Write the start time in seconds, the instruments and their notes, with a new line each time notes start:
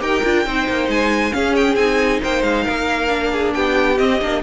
0.00 cello D#4, viola G4, violin A#4 G5
0.24 cello D4, viola F4
0.46 cello C4, viola D#4, violin C5
0.69 cello A#3
0.88 cello G#3, violin G#5
1.32 viola C#4, cello C#4, violin G#4 F5
1.56 violin G5
1.76 cello C4, viola D#4, violin G#5
2.21 cello A#3, violin C5 G5
2.43 cello G#3, violin F5
2.64 cello A#3, violin A#4
3.08 viola D4
3.33 violin G#4
3.54 cello B3, violin G4 G5
3.98 viola C4, cello C4, violin D#5
4.21 cello A#3, viola D4